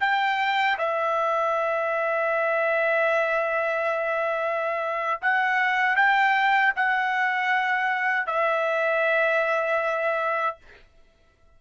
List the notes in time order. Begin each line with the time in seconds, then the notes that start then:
0.00 G5
0.78 E5
5.22 F#5
5.96 G5
6.76 F#5
8.26 E5